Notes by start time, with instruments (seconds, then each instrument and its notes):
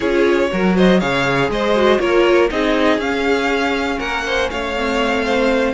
0.00 cello C#4, viola F4, violin G#4 C#5
0.51 cello F#3, viola F#4, violin A#4
0.76 violin C5 D#5
0.99 cello C#3, viola G#4, violin C#5 F5
1.48 cello G#3, violin C5 D#5
1.75 viola F#4
1.98 cello A#3, viola F4, violin A#4 C#5
2.50 cello C4, viola D#4, violin G#4 D#5
2.98 cello C#4, viola C#4, violin F5
3.98 cello A#3, violin A#4 F#5
4.25 violin C5
4.50 cello A3, violin C#5 F5
4.76 viola C4
5.24 violin C5